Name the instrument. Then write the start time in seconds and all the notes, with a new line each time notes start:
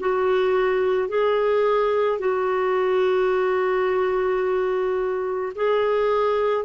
clarinet
0.00 F#4
1.09 G#4
2.19 F#4
5.55 G#4